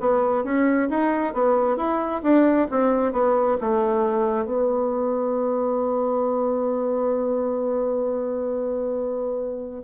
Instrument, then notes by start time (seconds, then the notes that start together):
bassoon
0.00 B3
0.44 C#4
0.90 D#4
1.34 B3
1.77 E4
2.23 D4
2.71 C4
3.12 B3
3.61 A3
4.45 B3